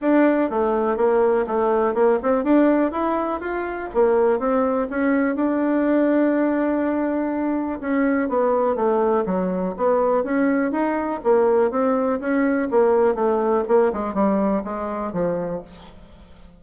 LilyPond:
\new Staff \with { instrumentName = "bassoon" } { \time 4/4 \tempo 4 = 123 d'4 a4 ais4 a4 | ais8 c'8 d'4 e'4 f'4 | ais4 c'4 cis'4 d'4~ | d'1 |
cis'4 b4 a4 fis4 | b4 cis'4 dis'4 ais4 | c'4 cis'4 ais4 a4 | ais8 gis8 g4 gis4 f4 | }